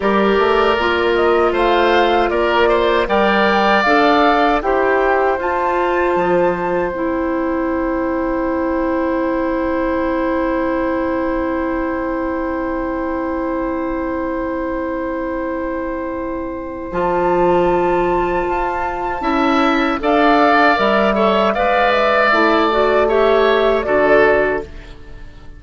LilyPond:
<<
  \new Staff \with { instrumentName = "flute" } { \time 4/4 \tempo 4 = 78 d''4. dis''8 f''4 d''4 | g''4 f''4 g''4 a''4~ | a''4 g''2.~ | g''1~ |
g''1~ | g''2 a''2~ | a''2 f''4 e''4 | f''8 e''4 d''8 e''4 d''4 | }
  \new Staff \with { instrumentName = "oboe" } { \time 4/4 ais'2 c''4 ais'8 c''8 | d''2 c''2~ | c''1~ | c''1~ |
c''1~ | c''1~ | c''4 e''4 d''4. cis''8 | d''2 cis''4 a'4 | }
  \new Staff \with { instrumentName = "clarinet" } { \time 4/4 g'4 f'2. | ais'4 a'4 g'4 f'4~ | f'4 e'2.~ | e'1~ |
e'1~ | e'2 f'2~ | f'4 e'4 a'4 ais'8 a'8 | b'4 e'8 fis'8 g'4 fis'4 | }
  \new Staff \with { instrumentName = "bassoon" } { \time 4/4 g8 a8 ais4 a4 ais4 | g4 d'4 e'4 f'4 | f4 c'2.~ | c'1~ |
c'1~ | c'2 f2 | f'4 cis'4 d'4 g4 | gis4 a2 d4 | }
>>